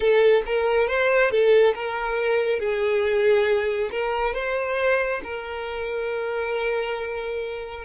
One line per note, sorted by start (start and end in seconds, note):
0.00 0.42 A4
0.45 0.87 A#4
0.87 1.30 C5
1.30 1.74 A4
1.74 2.59 A#4
2.59 3.89 G#4
3.91 4.34 A#4
4.34 5.21 C5
5.23 7.84 A#4